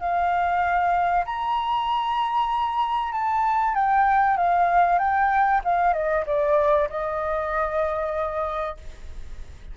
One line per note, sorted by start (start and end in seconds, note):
0.00 1.25 F5
1.25 3.12 A#5
3.12 3.74 A5
3.75 4.37 G5
4.37 4.99 F5
4.99 5.61 G5
5.64 5.93 F5
5.93 6.24 D#5
6.26 6.88 D5
6.89 8.77 D#5